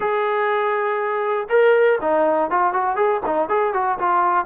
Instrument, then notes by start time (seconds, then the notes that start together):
trombone
0.00 G#4
1.49 A#4
2.01 D#4
2.50 F4
2.73 F#4
2.95 G#4
3.25 D#4
3.48 G#4
3.73 F#4
3.98 F4